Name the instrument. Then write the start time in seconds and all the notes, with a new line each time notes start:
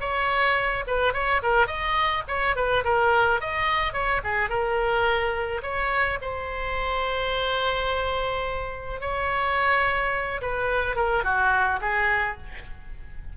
oboe
0.00 C#5
0.87 B4
1.13 C#5
1.42 A#4
1.67 D#5
2.28 C#5
2.55 B4
2.84 A#4
3.40 D#5
3.93 C#5
4.23 G#4
4.49 A#4
5.62 C#5
6.21 C5
9.01 C#5
10.41 B4
10.95 A#4
11.24 F#4
11.81 G#4